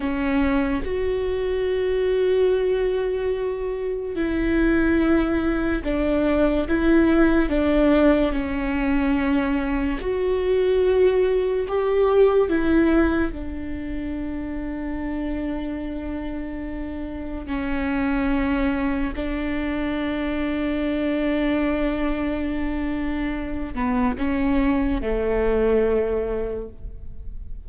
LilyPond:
\new Staff \with { instrumentName = "viola" } { \time 4/4 \tempo 4 = 72 cis'4 fis'2.~ | fis'4 e'2 d'4 | e'4 d'4 cis'2 | fis'2 g'4 e'4 |
d'1~ | d'4 cis'2 d'4~ | d'1~ | d'8 b8 cis'4 a2 | }